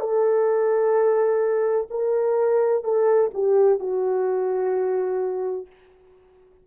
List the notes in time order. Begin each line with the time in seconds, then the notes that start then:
0.00 A4
1.90 A#4
2.83 A4
3.33 G4
3.79 F#4